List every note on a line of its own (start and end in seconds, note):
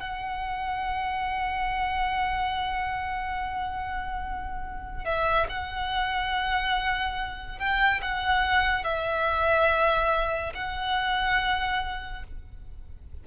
0.00 5.05 F#5
5.05 5.47 E5
5.50 7.59 F#5
7.59 8.01 G5
8.02 8.84 F#5
8.84 10.53 E5
10.55 12.24 F#5